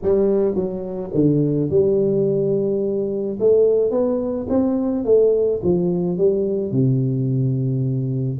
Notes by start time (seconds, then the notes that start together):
0.02 G3
0.55 F#3
1.14 D3
1.70 G3
3.39 A3
3.90 B3
4.49 C4
5.04 A3
5.63 F3
6.17 G3
6.71 C3